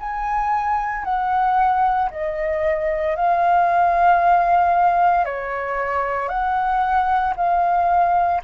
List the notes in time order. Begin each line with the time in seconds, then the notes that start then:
0.00 G#5
1.04 F#5
2.11 D#5
3.16 F5
5.25 C#5
6.29 F#5
7.36 F5